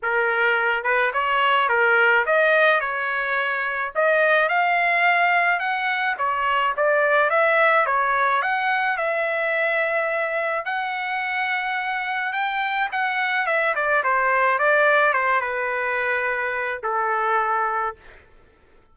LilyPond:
\new Staff \with { instrumentName = "trumpet" } { \time 4/4 \tempo 4 = 107 ais'4. b'8 cis''4 ais'4 | dis''4 cis''2 dis''4 | f''2 fis''4 cis''4 | d''4 e''4 cis''4 fis''4 |
e''2. fis''4~ | fis''2 g''4 fis''4 | e''8 d''8 c''4 d''4 c''8 b'8~ | b'2 a'2 | }